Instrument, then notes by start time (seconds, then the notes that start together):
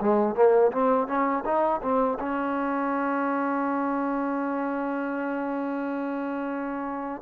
trombone
0.00 G#3
0.35 A#3
0.72 C4
1.07 C#4
1.45 D#4
1.82 C4
2.19 C#4